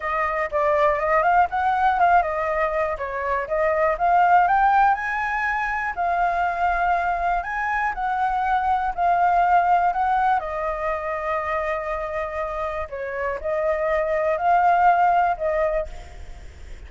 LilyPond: \new Staff \with { instrumentName = "flute" } { \time 4/4 \tempo 4 = 121 dis''4 d''4 dis''8 f''8 fis''4 | f''8 dis''4. cis''4 dis''4 | f''4 g''4 gis''2 | f''2. gis''4 |
fis''2 f''2 | fis''4 dis''2.~ | dis''2 cis''4 dis''4~ | dis''4 f''2 dis''4 | }